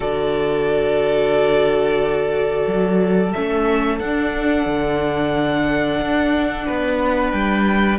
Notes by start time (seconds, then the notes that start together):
0.00 D3 F#4 A4 D5
2.67 F#3
3.32 A3 C#4 E5
3.99 D4 F#5
4.66 D3
6.00 D4
6.66 B3 B4
7.31 G3 G5